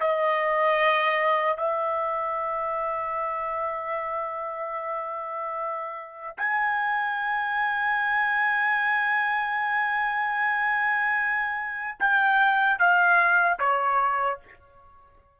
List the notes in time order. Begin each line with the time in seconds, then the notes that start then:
0.00 D#5
1.57 E5
6.37 G#5
12.00 G5
12.79 F5
13.59 C#5